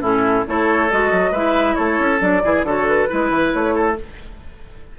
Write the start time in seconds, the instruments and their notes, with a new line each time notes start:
0.00 bassoon A2, clarinet C#4, oboe E4, flute A4
0.46 bassoon A3, clarinet E4, oboe A4, flute C#5
0.90 bassoon G#3, clarinet F#4, flute D#5
1.11 bassoon F#3
1.31 bassoon G#3, clarinet E4, oboe B4, flute E5
1.75 bassoon A3, oboe A4, flute C#5
1.99 bassoon C#4
2.18 bassoon F#3, clarinet D4, flute D5
2.44 bassoon E3, clarinet E4, oboe G#4
2.63 bassoon D3, clarinet F#4, oboe A4, flute C#5
2.87 flute B4
3.07 bassoon G#3, clarinet E4, oboe B4
3.30 bassoon E3
3.52 bassoon A3, flute C#5
3.75 oboe A4